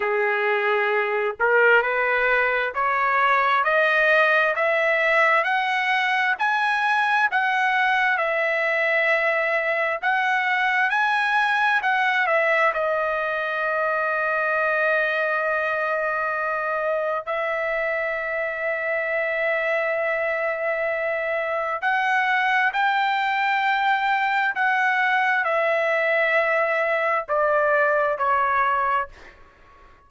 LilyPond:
\new Staff \with { instrumentName = "trumpet" } { \time 4/4 \tempo 4 = 66 gis'4. ais'8 b'4 cis''4 | dis''4 e''4 fis''4 gis''4 | fis''4 e''2 fis''4 | gis''4 fis''8 e''8 dis''2~ |
dis''2. e''4~ | e''1 | fis''4 g''2 fis''4 | e''2 d''4 cis''4 | }